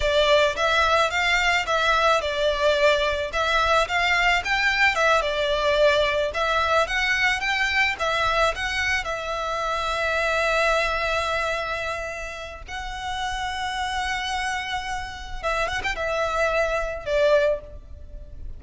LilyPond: \new Staff \with { instrumentName = "violin" } { \time 4/4 \tempo 4 = 109 d''4 e''4 f''4 e''4 | d''2 e''4 f''4 | g''4 e''8 d''2 e''8~ | e''8 fis''4 g''4 e''4 fis''8~ |
fis''8 e''2.~ e''8~ | e''2. fis''4~ | fis''1 | e''8 fis''16 g''16 e''2 d''4 | }